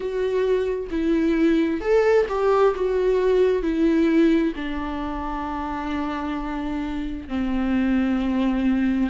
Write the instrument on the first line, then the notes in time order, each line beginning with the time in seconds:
viola
0.00 F#4
0.90 E4
1.80 A4
2.29 G4
2.75 F#4
3.62 E4
4.55 D4
7.28 C4